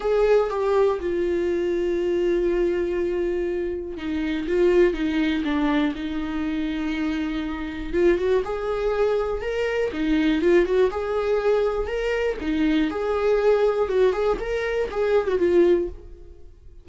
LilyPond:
\new Staff \with { instrumentName = "viola" } { \time 4/4 \tempo 4 = 121 gis'4 g'4 f'2~ | f'1 | dis'4 f'4 dis'4 d'4 | dis'1 |
f'8 fis'8 gis'2 ais'4 | dis'4 f'8 fis'8 gis'2 | ais'4 dis'4 gis'2 | fis'8 gis'8 ais'4 gis'8. fis'16 f'4 | }